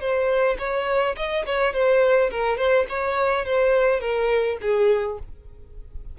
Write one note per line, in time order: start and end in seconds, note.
0.00 0.57 C5
0.59 1.16 C#5
1.17 1.45 D#5
1.46 1.73 C#5
1.73 2.30 C5
2.31 2.57 A#4
2.57 2.86 C5
2.89 3.45 C#5
3.45 4.01 C5
4.01 4.58 A#4
4.62 5.19 G#4